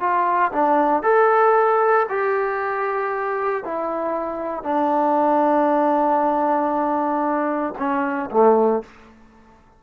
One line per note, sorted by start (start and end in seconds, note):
0.00 0.52 F4
0.52 1.03 D4
1.03 2.06 A4
2.09 3.64 G4
3.64 4.64 E4
4.64 7.74 D4
7.78 8.30 C#4
8.31 8.83 A3